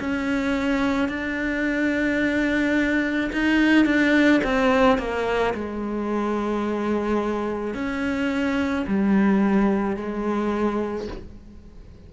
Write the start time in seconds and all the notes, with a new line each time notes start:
0.00 C#4
1.09 D4
3.33 D#4
3.86 D4
4.44 C4
4.98 A#3
5.54 G#3
7.74 C#4
8.87 G3
9.96 G#3